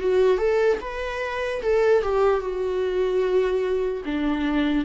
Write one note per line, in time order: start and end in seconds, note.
0.00 0.38 F#4
0.38 0.79 A4
0.81 1.62 B4
1.62 2.03 A4
2.03 2.40 G4
2.40 4.02 F#4
4.05 4.85 D4